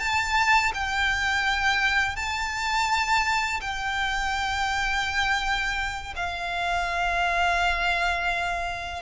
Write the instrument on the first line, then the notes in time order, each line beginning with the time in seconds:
violin
0.00 A5
0.74 G5
2.16 A5
3.61 G5
6.16 F5